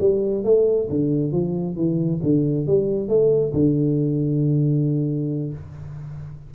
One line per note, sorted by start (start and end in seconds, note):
0.00 0.44 G3
0.44 0.88 A3
0.90 1.32 D3
1.32 1.76 F3
1.76 2.20 E3
2.23 2.67 D3
2.67 3.08 G3
3.08 3.53 A3
3.53 5.53 D3